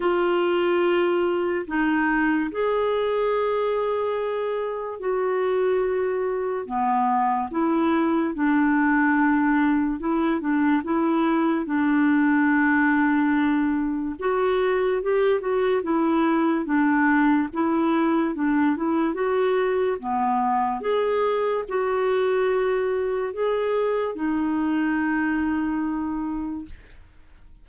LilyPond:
\new Staff \with { instrumentName = "clarinet" } { \time 4/4 \tempo 4 = 72 f'2 dis'4 gis'4~ | gis'2 fis'2 | b4 e'4 d'2 | e'8 d'8 e'4 d'2~ |
d'4 fis'4 g'8 fis'8 e'4 | d'4 e'4 d'8 e'8 fis'4 | b4 gis'4 fis'2 | gis'4 dis'2. | }